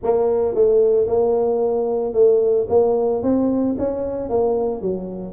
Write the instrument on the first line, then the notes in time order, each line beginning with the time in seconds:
tuba
0.03 A#3
0.55 A3
1.06 A#3
2.13 A3
2.69 A#3
3.22 C4
3.78 C#4
4.29 A#3
4.81 F#3